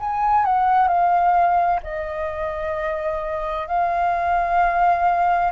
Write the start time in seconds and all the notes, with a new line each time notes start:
0.00 G#5
0.45 F#5
0.88 F5
1.83 D#5
3.67 F5